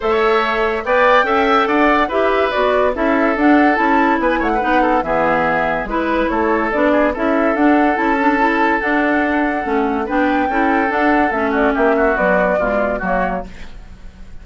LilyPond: <<
  \new Staff \with { instrumentName = "flute" } { \time 4/4 \tempo 4 = 143 e''2 g''2 | fis''4 e''4 d''4 e''4 | fis''4 a''4 gis''8 fis''4. | e''2 b'4 cis''4 |
d''4 e''4 fis''4 a''4~ | a''4 fis''2. | g''2 fis''4 e''8 d''8 | e''4 d''2 cis''4 | }
  \new Staff \with { instrumentName = "oboe" } { \time 4/4 cis''2 d''4 e''4 | d''4 b'2 a'4~ | a'2 b'8 cis''16 b'8. a'8 | gis'2 b'4 a'4~ |
a'8 gis'8 a'2.~ | a'1 | b'4 a'2~ a'8 fis'8 | g'8 fis'4. f'4 fis'4 | }
  \new Staff \with { instrumentName = "clarinet" } { \time 4/4 a'2 b'4 a'4~ | a'4 g'4 fis'4 e'4 | d'4 e'2 dis'4 | b2 e'2 |
d'4 e'4 d'4 e'8 d'8 | e'4 d'2 cis'4 | d'4 e'4 d'4 cis'4~ | cis'4 fis4 gis4 ais4 | }
  \new Staff \with { instrumentName = "bassoon" } { \time 4/4 a2 b4 cis'4 | d'4 e'4 b4 cis'4 | d'4 cis'4 b8 a8 b4 | e2 gis4 a4 |
b4 cis'4 d'4 cis'4~ | cis'4 d'2 a4 | b4 cis'4 d'4 a4 | ais4 b4 b,4 fis4 | }
>>